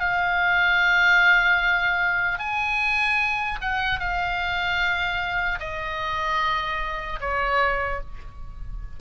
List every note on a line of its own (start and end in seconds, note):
0.00 2.39 F5
2.39 3.59 G#5
3.62 4.00 F#5
4.00 5.60 F5
5.60 7.20 D#5
7.21 8.01 C#5